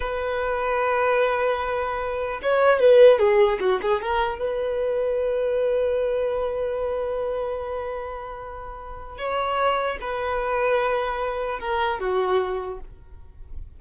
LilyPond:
\new Staff \with { instrumentName = "violin" } { \time 4/4 \tempo 4 = 150 b'1~ | b'2 cis''4 b'4 | gis'4 fis'8 gis'8 ais'4 b'4~ | b'1~ |
b'1~ | b'2. cis''4~ | cis''4 b'2.~ | b'4 ais'4 fis'2 | }